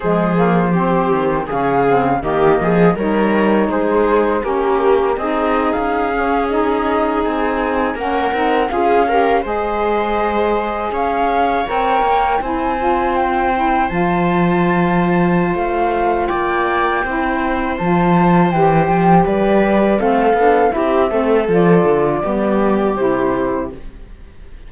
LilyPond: <<
  \new Staff \with { instrumentName = "flute" } { \time 4/4 \tempo 4 = 81 c''2 f''4 dis''4 | cis''4 c''4 ais'4 dis''8. f''16~ | f''8. dis''4 gis''4 fis''4 f''16~ | f''8. dis''2 f''4 g''16~ |
g''8. gis''4 g''4 a''4~ a''16~ | a''4 f''4 g''2 | a''4 g''4 d''4 f''4 | e''4 d''2 c''4 | }
  \new Staff \with { instrumentName = "viola" } { \time 4/4 gis'4 g'4 gis'4 g'8 gis'8 | ais'4 gis'4 g'4 gis'4~ | gis'2~ gis'8. ais'4 gis'16~ | gis'16 ais'8 c''2 cis''4~ cis''16~ |
cis''8. c''2.~ c''16~ | c''2 d''4 c''4~ | c''2 b'4 a'4 | g'8 a'4. g'2 | }
  \new Staff \with { instrumentName = "saxophone" } { \time 4/4 gis8 ais8 c'4 cis'8 c'8 ais4 | dis'2 cis'4 dis'4~ | dis'16 cis'8 dis'2 cis'8 dis'8 f'16~ | f'16 g'8 gis'2. ais'16~ |
ais'8. e'8 f'4 e'8 f'4~ f'16~ | f'2. e'4 | f'4 g'2 c'8 d'8 | e'8 c'8 f'4 b4 e'4 | }
  \new Staff \with { instrumentName = "cello" } { \time 4/4 f4. dis8 cis4 dis8 f8 | g4 gis4 ais4 c'8. cis'16~ | cis'4.~ cis'16 c'4 ais8 c'8 cis'16~ | cis'8. gis2 cis'4 c'16~ |
c'16 ais8 c'2 f4~ f16~ | f4 a4 ais4 c'4 | f4 e8 f8 g4 a8 b8 | c'8 a8 f8 d8 g4 c4 | }
>>